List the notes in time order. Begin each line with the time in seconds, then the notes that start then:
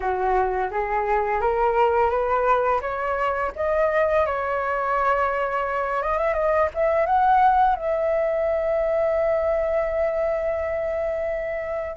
0.00 F#4
0.71 G#4
1.41 A#4
2.10 B4
2.81 C#5
3.55 D#5
4.25 C#5
6.02 D#5
6.18 E5
6.33 D#5
6.74 E5
7.06 F#5
7.75 E5